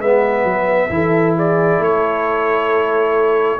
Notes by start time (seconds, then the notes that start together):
0.00 G#3 B3 B4 E5
0.44 F#3
0.90 E3 E4 A4
1.36 G#4 D5
1.79 A3 A4 C#5